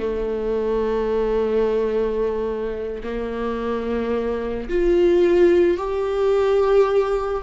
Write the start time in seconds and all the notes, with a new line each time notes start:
0.00 A3
3.04 A#3
4.70 F4
5.78 G4